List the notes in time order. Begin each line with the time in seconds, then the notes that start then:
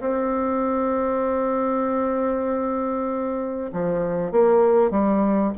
0.00 C4
3.72 F3
4.31 A#3
4.90 G3